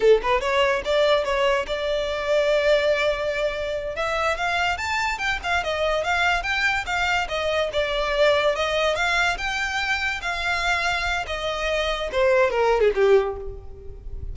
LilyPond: \new Staff \with { instrumentName = "violin" } { \time 4/4 \tempo 4 = 144 a'8 b'8 cis''4 d''4 cis''4 | d''1~ | d''4. e''4 f''4 a''8~ | a''8 g''8 f''8 dis''4 f''4 g''8~ |
g''8 f''4 dis''4 d''4.~ | d''8 dis''4 f''4 g''4.~ | g''8 f''2~ f''8 dis''4~ | dis''4 c''4 ais'8. gis'16 g'4 | }